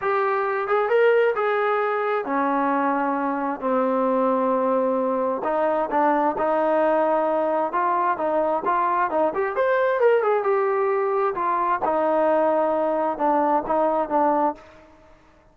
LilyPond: \new Staff \with { instrumentName = "trombone" } { \time 4/4 \tempo 4 = 132 g'4. gis'8 ais'4 gis'4~ | gis'4 cis'2. | c'1 | dis'4 d'4 dis'2~ |
dis'4 f'4 dis'4 f'4 | dis'8 g'8 c''4 ais'8 gis'8 g'4~ | g'4 f'4 dis'2~ | dis'4 d'4 dis'4 d'4 | }